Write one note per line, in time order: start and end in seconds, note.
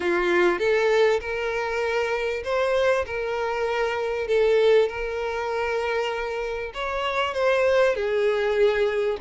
0.00 0.58 F4
0.58 1.19 A4
1.20 2.43 A#4
2.44 3.05 C5
3.06 4.27 A#4
4.27 4.88 A4
4.88 6.72 A#4
6.73 7.34 C#5
7.34 7.95 C5
7.95 9.17 G#4